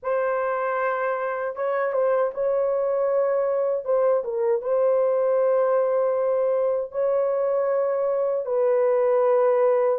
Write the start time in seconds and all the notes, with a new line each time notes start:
0.02 C5
1.55 C#5
1.92 C5
2.34 C#5
3.85 C5
4.23 A#4
4.61 C5
6.91 C#5
8.45 B4